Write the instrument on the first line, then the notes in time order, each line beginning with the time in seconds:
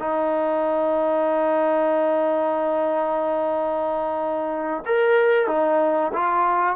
trombone
0.00 D#4
4.86 A#4
5.48 D#4
6.13 F4